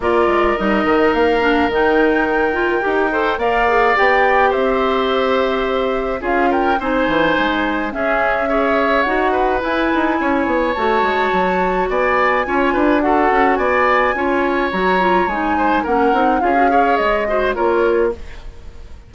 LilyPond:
<<
  \new Staff \with { instrumentName = "flute" } { \time 4/4 \tempo 4 = 106 d''4 dis''4 f''4 g''4~ | g''2 f''4 g''4 | e''2. f''8 g''8 | gis''2 e''2 |
fis''4 gis''2 a''4~ | a''4 gis''2 fis''4 | gis''2 ais''4 gis''4 | fis''4 f''4 dis''4 cis''4 | }
  \new Staff \with { instrumentName = "oboe" } { \time 4/4 ais'1~ | ais'4. c''8 d''2 | c''2. gis'8 ais'8 | c''2 gis'4 cis''4~ |
cis''8 b'4. cis''2~ | cis''4 d''4 cis''8 b'8 a'4 | d''4 cis''2~ cis''8 c''8 | ais'4 gis'8 cis''4 c''8 ais'4 | }
  \new Staff \with { instrumentName = "clarinet" } { \time 4/4 f'4 dis'4. d'8 dis'4~ | dis'8 f'8 g'8 a'8 ais'8 gis'8 g'4~ | g'2. f'4 | dis'2 cis'4 gis'4 |
fis'4 e'2 fis'4~ | fis'2 f'4 fis'4~ | fis'4 f'4 fis'8 f'8 dis'4 | cis'8 dis'8 f'16 fis'16 gis'4 fis'8 f'4 | }
  \new Staff \with { instrumentName = "bassoon" } { \time 4/4 ais8 gis8 g8 dis8 ais4 dis4~ | dis4 dis'4 ais4 b4 | c'2. cis'4 | c'8 e8 gis4 cis'2 |
dis'4 e'8 dis'8 cis'8 b8 a8 gis8 | fis4 b4 cis'8 d'4 cis'8 | b4 cis'4 fis4 gis4 | ais8 c'8 cis'4 gis4 ais4 | }
>>